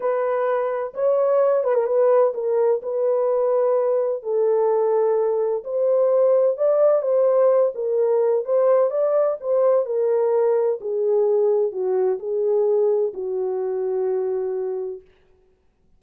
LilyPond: \new Staff \with { instrumentName = "horn" } { \time 4/4 \tempo 4 = 128 b'2 cis''4. b'16 ais'16 | b'4 ais'4 b'2~ | b'4 a'2. | c''2 d''4 c''4~ |
c''8 ais'4. c''4 d''4 | c''4 ais'2 gis'4~ | gis'4 fis'4 gis'2 | fis'1 | }